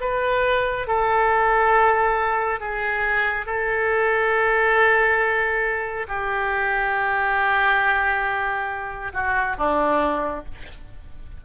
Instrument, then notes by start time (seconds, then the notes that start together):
oboe
0.00 B4
0.87 A4
2.60 G#4
3.46 A4
6.08 G4
9.13 F#4
9.58 D4